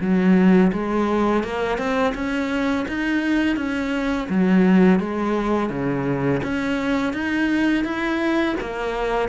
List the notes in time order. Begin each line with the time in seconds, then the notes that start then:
0.00 F#3
0.72 G#3
1.43 A#3
1.78 C4
2.14 C#4
2.88 D#4
3.56 C#4
4.29 F#3
4.99 G#3
5.69 C#3
6.43 C#4
7.13 D#4
7.84 E4
8.60 A#3